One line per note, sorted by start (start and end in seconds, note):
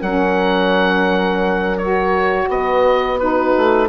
0.00 2.49 F#3
0.00 1.80 C#4
0.00 2.47 A#4
0.00 1.78 F#5
1.78 3.19 F#4
1.78 2.48 C#5
2.49 3.55 B3
2.49 3.21 B4
2.49 3.20 D#5
3.19 3.89 D#4
3.19 3.89 F#4
3.19 3.89 B4
3.57 3.89 A3